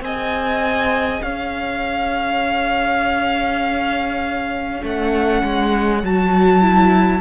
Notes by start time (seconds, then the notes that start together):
0.00 C4 G#4 D#5 G#5
1.22 C#4 C#5 F5
4.80 A3 C#4 F#5
5.43 G#3
6.03 F#3 F#4 A5
6.61 E4